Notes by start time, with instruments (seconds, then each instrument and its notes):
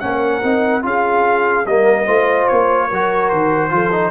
0.00 tuba A#3, trombone C#4, horn A#4, trumpet F#5
0.42 tuba C4, trombone D#4
0.82 tuba C#4, trombone F4, horn G#4, trumpet F5
1.66 tuba G3, trombone A#3, horn A#4, trumpet D#5
2.05 tuba A3, trombone F4, horn C5
2.48 tuba A#3, trumpet C#5
2.88 tuba F#3, trombone F#4, horn A#4
3.30 tuba D#3, trumpet C5
3.70 tuba F3, trombone F4, horn A4
3.92 trombone D#4